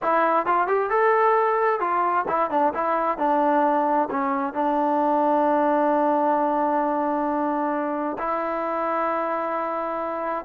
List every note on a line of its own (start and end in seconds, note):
0.02 0.45 E4
0.45 0.67 F4
0.67 0.90 G4
0.90 1.80 A4
1.80 2.25 F4
2.28 2.50 E4
2.50 2.73 D4
2.74 3.18 E4
3.18 4.08 D4
4.10 4.53 C#4
4.53 8.17 D4
8.18 10.45 E4